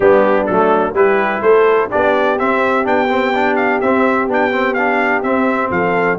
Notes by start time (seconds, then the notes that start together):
0.00 G3 B3 D4 G4
0.46 F#3 A3 A4
0.93 G3 E4 G4 B4
1.42 A3 A4 C5
1.90 B3 D4 G4 D5
2.38 C4 E5
2.84 B3 D4 G5
3.09 C4
3.34 D4
3.56 F5
3.80 C4 E5
4.27 B3 D4 G5
4.52 C4
4.74 D4 F5
5.22 C4 E5
5.70 F3 A4 F5